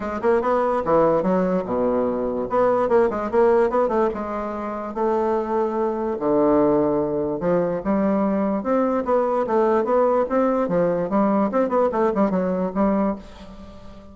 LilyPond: \new Staff \with { instrumentName = "bassoon" } { \time 4/4 \tempo 4 = 146 gis8 ais8 b4 e4 fis4 | b,2 b4 ais8 gis8 | ais4 b8 a8 gis2 | a2. d4~ |
d2 f4 g4~ | g4 c'4 b4 a4 | b4 c'4 f4 g4 | c'8 b8 a8 g8 fis4 g4 | }